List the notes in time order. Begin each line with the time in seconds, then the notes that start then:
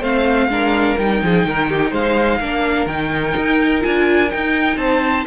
0.00 A3 C4 C5 F5
0.49 G#3 D4 A#4
0.98 G3 D#4 G5
1.23 F3 G#4
1.45 D#3 A#4
1.69 G4
1.91 G#3 C5 F5
2.40 A#3 D4 A#4
2.86 D#3 D#4 G5
3.37 D#4
3.81 D4 F4 G#5
4.31 D#4 G5
4.77 C4 C5 A5